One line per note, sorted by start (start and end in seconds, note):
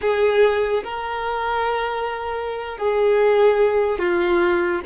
0.01 0.83 G#4
0.83 2.77 A#4
2.77 3.98 G#4
3.98 4.80 F4